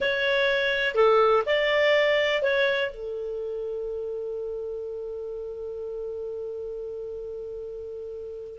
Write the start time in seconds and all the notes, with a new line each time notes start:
0.00 C#5
0.94 A4
1.46 D5
2.42 C#5
2.90 A4